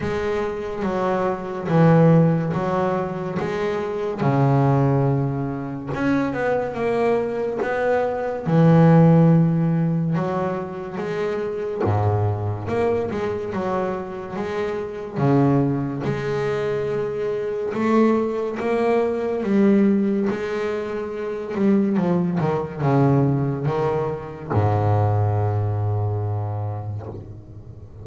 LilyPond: \new Staff \with { instrumentName = "double bass" } { \time 4/4 \tempo 4 = 71 gis4 fis4 e4 fis4 | gis4 cis2 cis'8 b8 | ais4 b4 e2 | fis4 gis4 gis,4 ais8 gis8 |
fis4 gis4 cis4 gis4~ | gis4 a4 ais4 g4 | gis4. g8 f8 dis8 cis4 | dis4 gis,2. | }